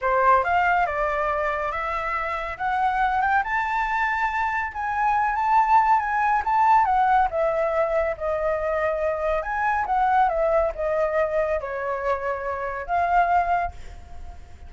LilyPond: \new Staff \with { instrumentName = "flute" } { \time 4/4 \tempo 4 = 140 c''4 f''4 d''2 | e''2 fis''4. g''8 | a''2. gis''4~ | gis''8 a''4. gis''4 a''4 |
fis''4 e''2 dis''4~ | dis''2 gis''4 fis''4 | e''4 dis''2 cis''4~ | cis''2 f''2 | }